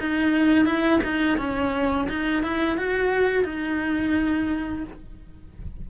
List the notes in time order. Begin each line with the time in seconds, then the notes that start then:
0.00 D#4
0.65 E4
1.03 D#4
1.38 C#4
2.08 D#4
2.43 E4
2.77 F#4
3.44 D#4